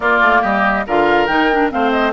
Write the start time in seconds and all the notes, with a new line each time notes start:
0.00 A#3 F4 D5
0.20 A3
0.41 G3 G4 D#5
0.86 D3 F4 A#4 F5
1.26 D#3 D#4 G5
1.52 D4
1.70 A3 C4 C5 F5
1.91 D#5